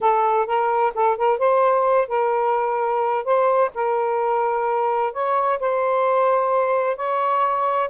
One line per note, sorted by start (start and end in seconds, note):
0.00 0.46 A4
0.46 0.93 A#4
0.94 1.17 A4
1.17 1.38 A#4
1.38 2.08 C5
2.08 3.24 A#4
3.24 3.70 C5
3.74 5.12 A#4
5.12 5.59 C#5
5.59 6.96 C5
6.96 7.89 C#5